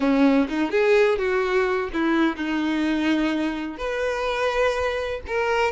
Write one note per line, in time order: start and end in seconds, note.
0.00 0.47 C#4
0.48 0.70 D#4
0.70 1.18 G#4
1.18 1.89 F#4
1.93 2.36 E4
2.36 3.77 D#4
3.77 5.20 B4
5.27 5.71 A#4